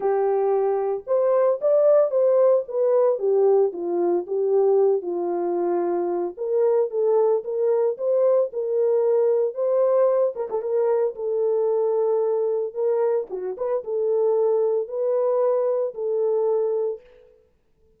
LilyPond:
\new Staff \with { instrumentName = "horn" } { \time 4/4 \tempo 4 = 113 g'2 c''4 d''4 | c''4 b'4 g'4 f'4 | g'4. f'2~ f'8 | ais'4 a'4 ais'4 c''4 |
ais'2 c''4. ais'16 a'16 | ais'4 a'2. | ais'4 fis'8 b'8 a'2 | b'2 a'2 | }